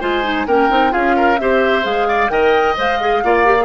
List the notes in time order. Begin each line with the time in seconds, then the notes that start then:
0.00 G#3 F4 C5 G#5
0.23 D#4
0.46 A#3 C#4 A#4 G5
0.70 C4 D#4
0.90 C#4 F4 G#4 F5
1.16 A#4
1.38 C4 G4 C5 E5
1.82 G#3 G#4 F5
2.08 D5
2.29 D#3 A#4 D#5 G5
2.77 G#3 C5 F5
3.00 G#4
3.23 A#3 F4 D5
3.45 G4
3.60 G#4